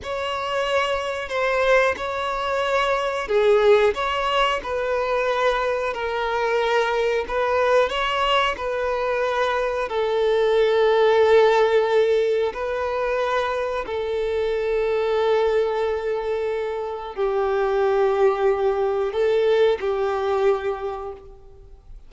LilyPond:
\new Staff \with { instrumentName = "violin" } { \time 4/4 \tempo 4 = 91 cis''2 c''4 cis''4~ | cis''4 gis'4 cis''4 b'4~ | b'4 ais'2 b'4 | cis''4 b'2 a'4~ |
a'2. b'4~ | b'4 a'2.~ | a'2 g'2~ | g'4 a'4 g'2 | }